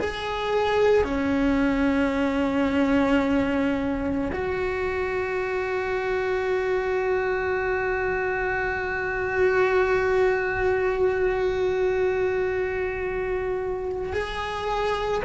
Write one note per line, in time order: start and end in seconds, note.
0.00 1.04 G#4
1.04 4.31 C#4
4.33 14.13 F#4
14.13 15.22 G#4